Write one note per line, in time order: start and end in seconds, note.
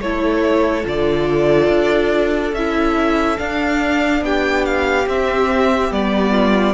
0.00 0.85 A3
0.00 0.84 E4
0.00 4.23 A4
0.00 0.85 C#5
0.84 1.68 D3
0.84 2.53 F4
0.84 2.54 D5
1.68 2.52 D4
2.52 3.37 C#4
2.52 3.38 E4
2.52 3.38 E5
3.38 5.07 D4
3.38 4.21 D4
3.38 4.23 F5
4.21 5.06 B3
4.21 6.31 G4
4.21 4.65 G5
4.65 5.08 F5
5.06 5.91 C4
5.06 5.92 E5
5.91 6.74 G3
5.91 6.74 B3
5.91 6.74 D5
6.31 6.73 F4